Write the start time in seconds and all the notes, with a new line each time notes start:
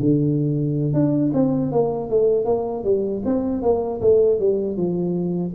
0.00 D3
0.94 D4
1.34 C4
1.72 A#3
2.10 A3
2.45 A#3
2.84 G3
3.26 C4
3.63 A#3
4.01 A3
4.40 G3
4.77 F3